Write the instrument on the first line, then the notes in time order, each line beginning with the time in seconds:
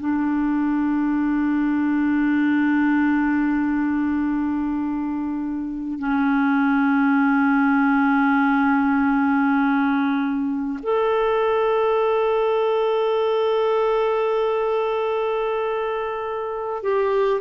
clarinet
0.00 D4
5.99 C#4
10.83 A4
16.83 G4